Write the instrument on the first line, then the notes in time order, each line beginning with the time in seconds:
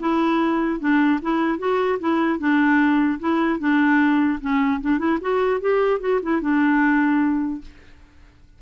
clarinet
0.00 E4
0.80 D4
1.22 E4
1.59 F#4
2.00 E4
2.39 D4
3.20 E4
3.59 D4
4.41 C#4
4.81 D4
4.99 E4
5.21 F#4
5.61 G4
6.01 F#4
6.22 E4
6.41 D4